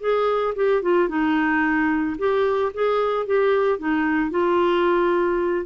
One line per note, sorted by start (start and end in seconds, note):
0.00 0.54 G#4
0.56 0.82 G4
0.82 1.08 F4
1.08 2.16 D#4
2.18 2.72 G4
2.73 3.26 G#4
3.26 3.79 G4
3.79 4.30 D#4
4.30 5.66 F4